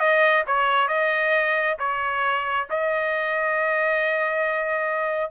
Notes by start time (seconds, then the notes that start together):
0.00 D#5
0.47 C#5
0.88 D#5
1.79 C#5
2.71 D#5